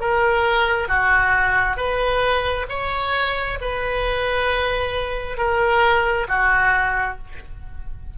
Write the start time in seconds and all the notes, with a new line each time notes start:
0.00 A#4
0.88 F#4
1.77 B4
2.69 C#5
3.61 B4
5.37 A#4
6.28 F#4